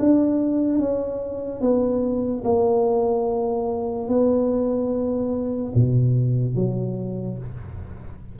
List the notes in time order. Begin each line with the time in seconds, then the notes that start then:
0.00 D4
0.80 C#4
1.61 B3
2.45 A#3
4.09 B3
5.75 B2
6.56 F#3